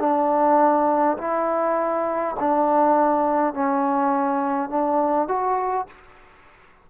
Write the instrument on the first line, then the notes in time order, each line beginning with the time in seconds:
trombone
0.00 D4
1.18 E4
2.40 D4
3.54 C#4
4.70 D4
5.28 F#4